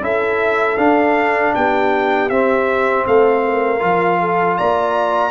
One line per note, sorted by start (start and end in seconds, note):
0.00 0.76 C#4
0.00 0.77 E4
0.00 1.55 A4
0.00 0.77 E5
0.77 1.53 D4
0.77 2.30 D4
0.77 1.53 F5
1.54 2.30 B3
1.54 3.06 G4
1.54 2.30 G5
2.30 3.06 C4
2.30 3.79 C4
2.30 3.06 E5
3.06 3.82 A3
3.06 3.44 A4
3.06 4.58 F5
3.45 4.20 A#4
3.79 4.58 F3
3.79 5.31 F4
4.20 4.58 A4
4.58 5.31 A#3
4.58 5.31 D5
4.58 5.31 A#5